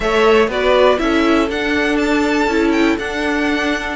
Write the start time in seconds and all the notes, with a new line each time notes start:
0.00 A3 A4 C#5 E5
0.48 B3 F#4 B4 D5
0.98 C#4 E4 A4 E5
1.49 D4 F#5
1.96 A5
2.47 C#4 E4
2.71 G5
2.98 D4 F#5